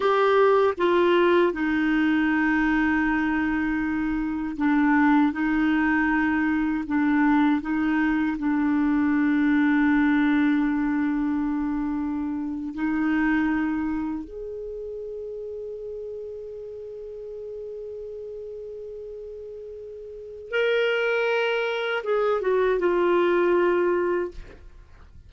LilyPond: \new Staff \with { instrumentName = "clarinet" } { \time 4/4 \tempo 4 = 79 g'4 f'4 dis'2~ | dis'2 d'4 dis'4~ | dis'4 d'4 dis'4 d'4~ | d'1~ |
d'8. dis'2 gis'4~ gis'16~ | gis'1~ | gis'2. ais'4~ | ais'4 gis'8 fis'8 f'2 | }